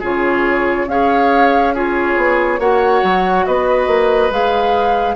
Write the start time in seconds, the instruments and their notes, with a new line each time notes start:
0.00 bassoon C#3, clarinet F4, oboe G#4, flute C#5
0.87 bassoon C#4, clarinet G#4, oboe C#5, flute F5
1.75 clarinet F4, oboe G#4, flute C#5
2.17 bassoon B3
2.59 bassoon A#3, clarinet F#4, oboe C#5, flute F#5
3.03 bassoon F#3
3.46 bassoon B3, oboe B4, flute D#5
3.87 bassoon A#3
4.31 bassoon G#3, clarinet G#4, flute F5